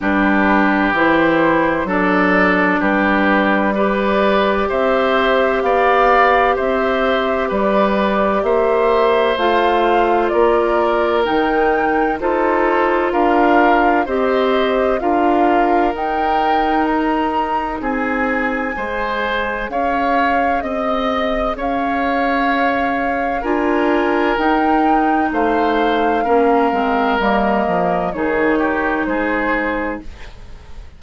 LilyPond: <<
  \new Staff \with { instrumentName = "flute" } { \time 4/4 \tempo 4 = 64 b'4 c''4 d''4 b'4 | d''4 e''4 f''4 e''4 | d''4 e''4 f''4 d''4 | g''4 c''4 f''4 dis''4 |
f''4 g''4 ais''4 gis''4~ | gis''4 f''4 dis''4 f''4~ | f''4 gis''4 g''4 f''4~ | f''4 dis''4 cis''4 c''4 | }
  \new Staff \with { instrumentName = "oboe" } { \time 4/4 g'2 a'4 g'4 | b'4 c''4 d''4 c''4 | b'4 c''2 ais'4~ | ais'4 a'4 ais'4 c''4 |
ais'2. gis'4 | c''4 cis''4 dis''4 cis''4~ | cis''4 ais'2 c''4 | ais'2 gis'8 g'8 gis'4 | }
  \new Staff \with { instrumentName = "clarinet" } { \time 4/4 d'4 e'4 d'2 | g'1~ | g'2 f'2 | dis'4 f'2 g'4 |
f'4 dis'2. | gis'1~ | gis'4 f'4 dis'2 | cis'8 c'8 ais4 dis'2 | }
  \new Staff \with { instrumentName = "bassoon" } { \time 4/4 g4 e4 fis4 g4~ | g4 c'4 b4 c'4 | g4 ais4 a4 ais4 | dis4 dis'4 d'4 c'4 |
d'4 dis'2 c'4 | gis4 cis'4 c'4 cis'4~ | cis'4 d'4 dis'4 a4 | ais8 gis8 g8 f8 dis4 gis4 | }
>>